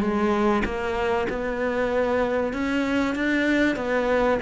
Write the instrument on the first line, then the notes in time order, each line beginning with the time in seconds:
cello
0.00 G#3
0.64 A#3
1.29 B3
2.53 C#4
3.15 D4
3.76 B3